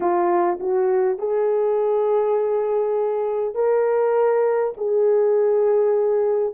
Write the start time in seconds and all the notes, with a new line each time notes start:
0.00 F4
0.60 F#4
1.18 G#4
3.55 A#4
4.77 G#4